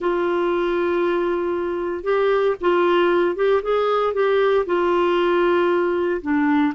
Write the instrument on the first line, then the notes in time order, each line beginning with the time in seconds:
clarinet
0.00 F4
2.03 G4
2.60 F4
3.35 G4
3.62 G#4
4.13 G4
4.66 F4
6.21 D4